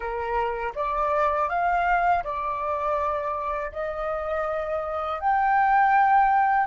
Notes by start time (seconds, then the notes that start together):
0.00 A#4
0.75 D5
1.49 F5
2.23 D5
3.71 D#5
5.20 G5